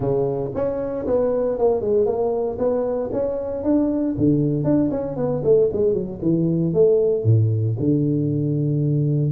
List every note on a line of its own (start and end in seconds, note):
0.00 0.51 C#3
0.54 1.06 C#4
1.07 1.58 B3
1.58 1.81 A#3
1.81 2.05 G#3
2.05 2.57 A#3
2.58 3.10 B3
3.12 3.63 C#4
3.63 4.15 D4
4.17 4.64 D3
4.64 4.89 D4
4.90 5.16 C#4
5.16 5.42 B3
5.43 5.69 A3
5.72 5.93 G#3
5.93 6.19 F#3
6.21 6.73 E3
6.73 7.24 A3
7.24 7.75 A2
7.79 9.31 D3